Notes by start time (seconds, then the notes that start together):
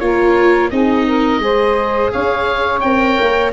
0.00 A#3 F4 A#4 C#5
0.71 C4 D#4 G#4 D#5
1.06 A#4
1.39 G#3 G#4 C5
2.12 C#4 C#5 F5
2.81 C4 A#4 G5
3.21 A#3